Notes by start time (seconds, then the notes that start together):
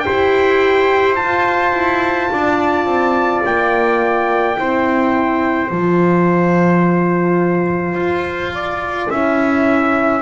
0.00 G4 C5 G5
0.08 E4
1.15 F4 A5
1.73 E4
2.33 D4 D5
2.85 C4
3.46 A#3 G5
4.57 C4 E4 C5
5.71 F3 F4 A5
7.95 F4
8.54 D5
9.10 C#4 E4 E5